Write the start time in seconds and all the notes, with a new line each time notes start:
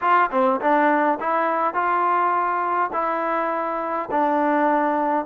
0.01 F4
0.31 C4
0.60 D4
1.20 E4
1.74 F4
2.92 E4
4.11 D4